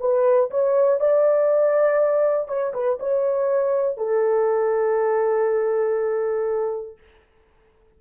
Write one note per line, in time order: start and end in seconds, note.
0.00 0.50 B4
0.51 1.00 C#5
1.00 2.49 D5
2.49 2.74 C#5
2.74 2.99 B4
3.00 3.98 C#5
3.98 6.98 A4